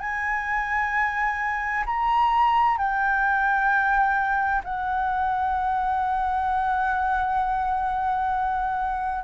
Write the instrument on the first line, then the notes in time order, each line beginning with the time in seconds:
flute
0.00 G#5
1.87 A#5
2.78 G5
4.64 F#5